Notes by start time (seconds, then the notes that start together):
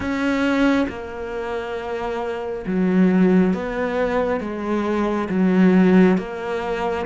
0.00 C#4
0.88 A#3
2.66 F#3
3.53 B3
4.40 G#3
5.29 F#3
6.17 A#3